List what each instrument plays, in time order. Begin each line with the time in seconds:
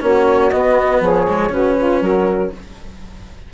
0.00 bassoon A#3, cello C#4, saxophone F#4, flute C#5
0.50 cello B3, bassoon B3, flute D#5
1.00 bassoon F3, saxophone G#4, flute C#5
1.28 cello G#3
1.49 bassoon C#3, cello C#4, saxophone F#4, flute B4
1.77 saxophone F4
2.01 bassoon F#3, saxophone F#4, flute A#4